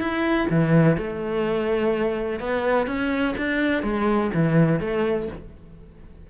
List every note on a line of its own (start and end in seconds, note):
0.00 0.48 E4
0.51 0.98 E3
0.98 2.40 A3
2.40 2.88 B3
2.88 3.36 C#4
3.38 3.83 D4
3.83 4.31 G#3
4.34 4.81 E3
4.81 5.29 A3